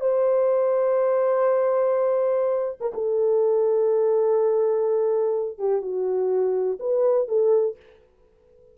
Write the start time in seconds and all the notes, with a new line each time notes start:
0.00 C5
2.80 A#4
2.94 A4
5.58 G4
5.81 F#4
6.80 B4
7.28 A4